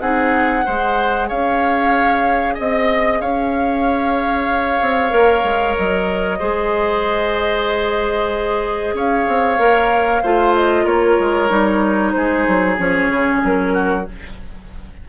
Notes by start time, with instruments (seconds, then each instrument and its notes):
0.00 bassoon C4, clarinet D#4, oboe G#4, flute F#5
0.64 bassoon G#3, clarinet G#4, oboe C5
1.28 bassoon C#4, oboe C#5, flute F5
2.54 bassoon C4, oboe D#5, flute D#5
3.20 bassoon C#4, oboe C#5, flute F5
4.81 bassoon C4
5.10 bassoon A#3, clarinet A#4
5.43 bassoon G#3
5.77 bassoon F#3, flute D#5
6.39 bassoon G#3, clarinet G#4, oboe C5
8.93 bassoon C#4, oboe C#5, flute F5
9.28 bassoon C4
9.58 bassoon A#3, clarinet A#4
10.22 bassoon A3, clarinet F4, oboe C5
10.55 flute D#5
10.84 bassoon A#3, oboe A#4, flute C#5
11.19 bassoon G#3
11.49 bassoon G3, clarinet D#4
12.12 bassoon G#3, oboe G#4, flute C5
12.47 bassoon F#3
12.77 bassoon F3, clarinet C#4, flute C#5
13.09 bassoon C#3
13.44 bassoon F#3, flute A#4
13.73 oboe F#4